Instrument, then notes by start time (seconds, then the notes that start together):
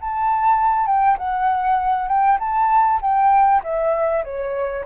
flute
0.00 A5
0.86 G5
1.18 F#5
2.08 G5
2.39 A5
3.01 G5
3.63 E5
4.24 C#5